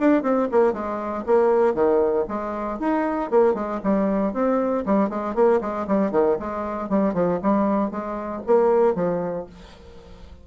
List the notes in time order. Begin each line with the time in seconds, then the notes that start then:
0.00 D4
0.23 C4
0.52 A#3
0.73 G#3
1.26 A#3
1.75 D#3
2.28 G#3
2.80 D#4
3.31 A#3
3.54 G#3
3.84 G3
4.34 C4
4.86 G3
5.10 G#3
5.35 A#3
5.61 G#3
5.88 G3
6.12 D#3
6.40 G#3
6.90 G3
7.14 F3
7.43 G3
7.91 G#3
8.47 A#3
8.95 F3